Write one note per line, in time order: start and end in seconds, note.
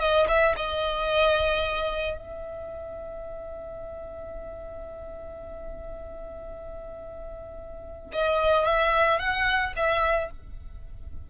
0.00 0.27 D#5
0.28 0.55 E5
0.57 2.17 D#5
2.17 8.12 E5
8.13 8.66 D#5
8.66 9.19 E5
9.19 9.73 F#5
9.76 10.30 E5